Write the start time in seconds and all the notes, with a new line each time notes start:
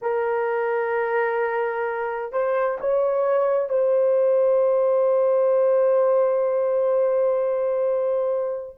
0.01 A#4
2.32 C5
2.80 C#5
3.69 C5